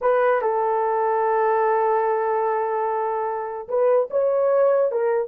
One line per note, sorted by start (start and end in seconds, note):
0.01 0.41 B4
0.41 3.68 A4
3.68 4.09 B4
4.10 4.91 C#5
4.91 5.28 A#4